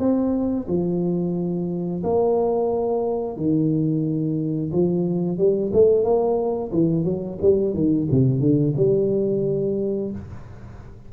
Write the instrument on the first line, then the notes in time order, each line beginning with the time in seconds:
tuba
0.00 C4
0.68 F3
2.04 A#3
3.37 D#3
4.73 F3
5.38 G3
5.73 A3
6.04 A#3
6.72 E3
7.05 F#3
7.42 G3
7.74 D#3
8.12 C3
8.41 D3
8.77 G3